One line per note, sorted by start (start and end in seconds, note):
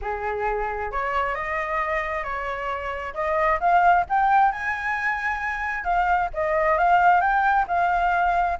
0.01 0.91 G#4
0.91 1.34 C#5
1.34 2.23 D#5
2.23 3.13 C#5
3.14 3.59 D#5
3.60 4.05 F5
4.09 4.52 G5
4.52 5.84 G#5
5.84 6.29 F5
6.33 6.78 D#5
6.78 7.20 F5
7.20 7.65 G5
7.67 8.58 F5